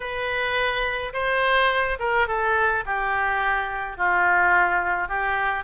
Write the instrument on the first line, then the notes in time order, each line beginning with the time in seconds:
oboe
0.00 B4
1.13 C5
1.99 A#4
2.27 A4
2.85 G4
3.97 F4
5.08 G4